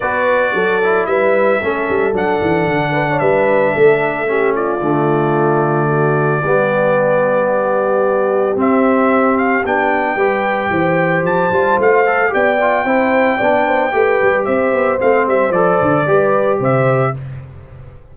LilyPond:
<<
  \new Staff \with { instrumentName = "trumpet" } { \time 4/4 \tempo 4 = 112 d''2 e''2 | fis''2 e''2~ | e''8 d''2.~ d''8~ | d''1 |
e''4. f''8 g''2~ | g''4 a''4 f''4 g''4~ | g''2. e''4 | f''8 e''8 d''2 e''4 | }
  \new Staff \with { instrumentName = "horn" } { \time 4/4 b'4 a'4 b'4 a'4~ | a'4. b'16 cis''16 b'4 a'4 | g'8 f'2~ f'8 fis'4 | g'1~ |
g'2. b'4 | c''2. d''4 | c''4 d''8 c''8 b'4 c''4~ | c''2 b'4 c''4 | }
  \new Staff \with { instrumentName = "trombone" } { \time 4/4 fis'4. e'4. cis'4 | d'1 | cis'4 a2. | b1 |
c'2 d'4 g'4~ | g'4. f'4 a'8 g'8 f'8 | e'4 d'4 g'2 | c'4 a'4 g'2 | }
  \new Staff \with { instrumentName = "tuba" } { \time 4/4 b4 fis4 g4 a8 g8 | fis8 e8 d4 g4 a4~ | a4 d2. | g1 |
c'2 b4 g4 | e4 f8 g8 a4 b4 | c'4 b4 a8 g8 c'8 b8 | a8 g8 f8 d8 g4 c4 | }
>>